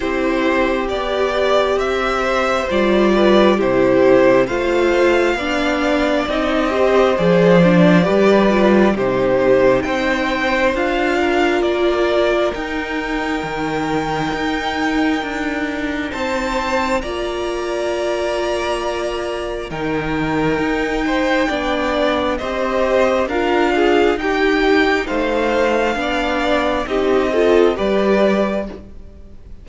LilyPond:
<<
  \new Staff \with { instrumentName = "violin" } { \time 4/4 \tempo 4 = 67 c''4 d''4 e''4 d''4 | c''4 f''2 dis''4 | d''2 c''4 g''4 | f''4 d''4 g''2~ |
g''2 a''4 ais''4~ | ais''2 g''2~ | g''4 dis''4 f''4 g''4 | f''2 dis''4 d''4 | }
  \new Staff \with { instrumentName = "violin" } { \time 4/4 g'2~ g'8 c''4 b'8 | g'4 c''4 d''4. c''8~ | c''4 b'4 g'4 c''4~ | c''8 ais'2.~ ais'8~ |
ais'2 c''4 d''4~ | d''2 ais'4. c''8 | d''4 c''4 ais'8 gis'8 g'4 | c''4 d''4 g'8 a'8 b'4 | }
  \new Staff \with { instrumentName = "viola" } { \time 4/4 e'4 g'2 f'4 | e'4 f'4 d'4 dis'8 g'8 | gis'8 d'8 g'8 f'8 dis'2 | f'2 dis'2~ |
dis'2. f'4~ | f'2 dis'2 | d'4 g'4 f'4 dis'4~ | dis'4 d'4 dis'8 f'8 g'4 | }
  \new Staff \with { instrumentName = "cello" } { \time 4/4 c'4 b4 c'4 g4 | c4 a4 b4 c'4 | f4 g4 c4 c'4 | d'4 ais4 dis'4 dis4 |
dis'4 d'4 c'4 ais4~ | ais2 dis4 dis'4 | b4 c'4 d'4 dis'4 | a4 b4 c'4 g4 | }
>>